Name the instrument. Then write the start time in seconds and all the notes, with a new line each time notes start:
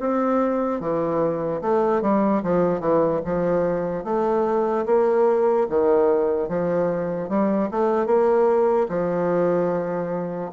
bassoon
0.00 C4
0.80 E3
1.61 A3
2.02 G3
2.43 F3
2.80 E3
3.25 F3
4.04 A3
4.86 A#3
5.70 D#3
6.49 F3
7.29 G3
7.71 A3
8.06 A#3
8.89 F3